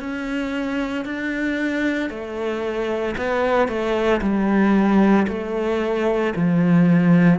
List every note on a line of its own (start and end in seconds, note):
0.00 1.05 C#4
1.06 2.10 D4
2.10 3.15 A3
3.18 3.68 B3
3.68 4.21 A3
4.22 5.27 G3
5.28 6.33 A3
6.36 7.40 F3